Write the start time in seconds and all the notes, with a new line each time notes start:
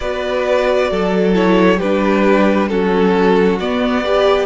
0.00 B3 F#4 B4 D5
0.90 F#3 A4
1.33 E4 C#5
1.77 G3 D4 G4 B4
2.68 F#3 C#4 F#4 A4
3.59 B3 D5
4.04 G4 B4